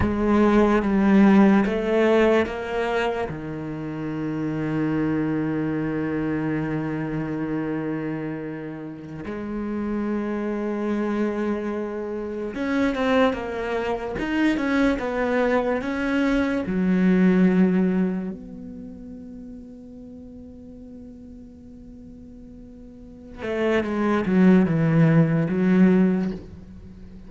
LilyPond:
\new Staff \with { instrumentName = "cello" } { \time 4/4 \tempo 4 = 73 gis4 g4 a4 ais4 | dis1~ | dis2.~ dis16 gis8.~ | gis2.~ gis16 cis'8 c'16~ |
c'16 ais4 dis'8 cis'8 b4 cis'8.~ | cis'16 fis2 b4.~ b16~ | b1~ | b8 a8 gis8 fis8 e4 fis4 | }